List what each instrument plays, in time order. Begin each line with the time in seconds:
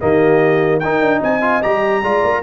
0.00 tuba D#3, trombone A#3, horn G4, trumpet D#5
0.79 tuba D#4, trombone D#4, horn A#4, trumpet G5
1.01 tuba D4
1.19 tuba C4, horn D#5, trumpet G#5
1.41 trombone F4
1.62 tuba G3, trombone G4, trumpet A#5
2.02 tuba G#3, trombone F4, horn D5
2.23 tuba A#3